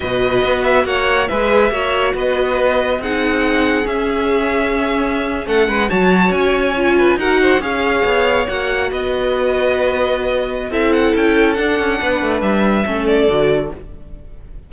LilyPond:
<<
  \new Staff \with { instrumentName = "violin" } { \time 4/4 \tempo 4 = 140 dis''4. e''8 fis''4 e''4~ | e''4 dis''2 fis''4~ | fis''4 e''2.~ | e''8. fis''4 a''4 gis''4~ gis''16~ |
gis''8. fis''4 f''2 fis''16~ | fis''8. dis''2.~ dis''16~ | dis''4 e''8 fis''8 g''4 fis''4~ | fis''4 e''4. d''4. | }
  \new Staff \with { instrumentName = "violin" } { \time 4/4 b'2 cis''4 b'4 | cis''4 b'2 gis'4~ | gis'1~ | gis'8. a'8 b'8 cis''2~ cis''16~ |
cis''16 b'8 ais'8 c''8 cis''2~ cis''16~ | cis''8. b'2.~ b'16~ | b'4 a'2. | b'2 a'2 | }
  \new Staff \with { instrumentName = "viola" } { \time 4/4 fis'2. gis'4 | fis'2. dis'4~ | dis'4 cis'2.~ | cis'4.~ cis'16 fis'2 f'16~ |
f'8. fis'4 gis'2 fis'16~ | fis'1~ | fis'4 e'2 d'4~ | d'2 cis'4 fis'4 | }
  \new Staff \with { instrumentName = "cello" } { \time 4/4 b,4 b4 ais4 gis4 | ais4 b2 c'4~ | c'4 cis'2.~ | cis'8. a8 gis8 fis4 cis'4~ cis'16~ |
cis'8. dis'4 cis'4 b4 ais16~ | ais8. b2.~ b16~ | b4 c'4 cis'4 d'8 cis'8 | b8 a8 g4 a4 d4 | }
>>